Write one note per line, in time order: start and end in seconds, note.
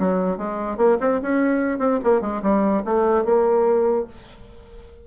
0.00 0.38 F#3
0.38 0.78 G#3
0.78 0.98 A#3
1.01 1.21 C4
1.22 1.79 C#4
1.79 2.00 C4
2.04 2.22 A#3
2.22 2.42 G#3
2.43 2.84 G3
2.85 3.25 A3
3.25 4.07 A#3